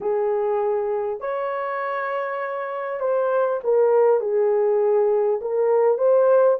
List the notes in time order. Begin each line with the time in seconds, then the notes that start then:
0.00 G#4
1.20 C#5
3.00 C5
3.63 A#4
4.20 G#4
5.41 A#4
5.98 C5